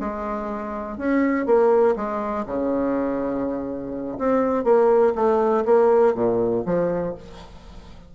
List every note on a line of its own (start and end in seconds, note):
0.00 0.97 G#3
0.97 1.46 C#4
1.46 1.95 A#3
1.96 2.45 G#3
2.46 4.18 C#3
4.18 4.64 C4
4.64 5.13 A#3
5.15 5.64 A3
5.65 6.14 A#3
6.14 6.63 A#2
6.65 7.15 F3